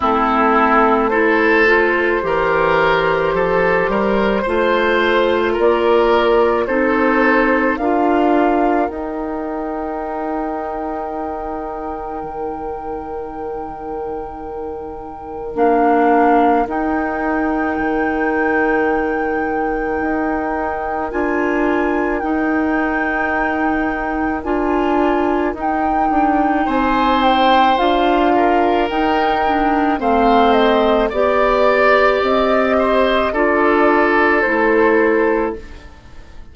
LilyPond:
<<
  \new Staff \with { instrumentName = "flute" } { \time 4/4 \tempo 4 = 54 a'4 c''2.~ | c''4 d''4 c''4 f''4 | g''1~ | g''2 f''4 g''4~ |
g''2. gis''4 | g''2 gis''4 g''4 | gis''8 g''8 f''4 g''4 f''8 dis''8 | d''4 dis''4 d''4 c''4 | }
  \new Staff \with { instrumentName = "oboe" } { \time 4/4 e'4 a'4 ais'4 a'8 ais'8 | c''4 ais'4 a'4 ais'4~ | ais'1~ | ais'1~ |
ais'1~ | ais'1 | c''4. ais'4. c''4 | d''4. c''8 a'2 | }
  \new Staff \with { instrumentName = "clarinet" } { \time 4/4 c'4 e'8 f'8 g'2 | f'2 dis'4 f'4 | dis'1~ | dis'2 d'4 dis'4~ |
dis'2. f'4 | dis'2 f'4 dis'4~ | dis'4 f'4 dis'8 d'8 c'4 | g'2 f'4 e'4 | }
  \new Staff \with { instrumentName = "bassoon" } { \time 4/4 a2 e4 f8 g8 | a4 ais4 c'4 d'4 | dis'2. dis4~ | dis2 ais4 dis'4 |
dis2 dis'4 d'4 | dis'2 d'4 dis'8 d'8 | c'4 d'4 dis'4 a4 | b4 c'4 d'4 a4 | }
>>